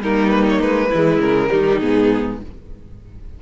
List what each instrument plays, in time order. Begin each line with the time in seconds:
0.00 cello G3, viola A#3, violin D#4 A#4
0.30 violin B4
0.49 violin C#5
0.60 cello G#3, violin B4
0.89 cello E3, viola G#3, violin E4
1.19 cello C#3, violin A#4
1.50 cello D#3, viola G3, violin D#4
1.79 cello G#2, viola B3, violin G#4